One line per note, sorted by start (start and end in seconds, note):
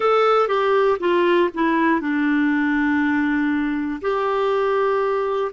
0.00 0.48 A4
0.48 0.98 G4
1.00 1.50 F4
1.54 2.00 E4
2.00 4.00 D4
4.01 5.51 G4